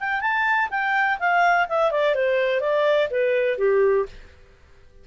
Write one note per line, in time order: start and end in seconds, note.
0.00 0.21 G5
0.21 0.69 A5
0.70 1.18 G5
1.19 1.67 F5
1.69 1.91 E5
1.91 2.15 D5
2.15 2.60 C5
2.60 3.08 D5
3.10 3.58 B4
3.58 4.06 G4